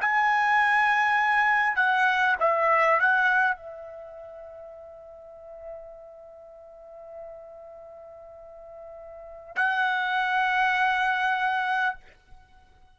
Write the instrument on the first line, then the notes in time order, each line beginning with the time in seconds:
trumpet
0.00 G#5
1.75 F#5
2.39 E5
2.99 F#5
3.56 E5
9.55 F#5